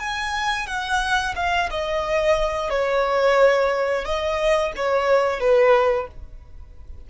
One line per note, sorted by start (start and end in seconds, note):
0.00 0.67 G#5
0.67 1.35 F#5
1.36 1.70 F5
1.71 2.70 D#5
2.70 4.05 C#5
4.05 4.73 D#5
4.76 5.40 C#5
5.40 6.08 B4